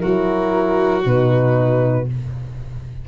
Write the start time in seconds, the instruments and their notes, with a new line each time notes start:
0.00 tuba F#3, horn E4, violin F#4, flute A#4
1.04 tuba B2, horn D#4, flute B4